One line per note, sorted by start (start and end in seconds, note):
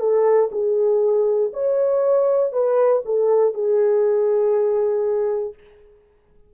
0.00 0.50 A4
0.52 1.52 G#4
1.53 2.53 C#5
2.53 3.03 B4
3.05 3.54 A4
3.54 5.54 G#4